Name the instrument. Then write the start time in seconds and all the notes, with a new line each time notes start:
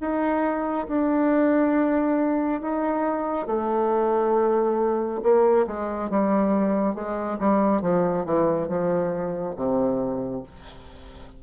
bassoon
0.00 D#4
0.87 D4
2.61 D#4
3.47 A3
5.23 A#3
5.66 G#3
6.09 G3
6.94 G#3
7.39 G3
7.81 F3
8.25 E3
8.68 F3
9.56 C3